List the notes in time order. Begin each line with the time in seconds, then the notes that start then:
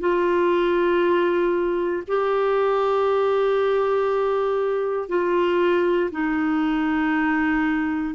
0.00 F4
2.08 G4
5.09 F4
6.12 D#4